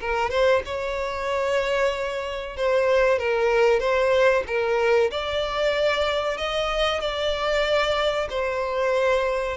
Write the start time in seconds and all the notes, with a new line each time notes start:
0.00 A#4
0.30 C5
0.65 C#5
2.56 C5
3.19 A#4
3.80 C5
4.47 A#4
5.11 D5
6.37 D#5
7.01 D5
8.30 C5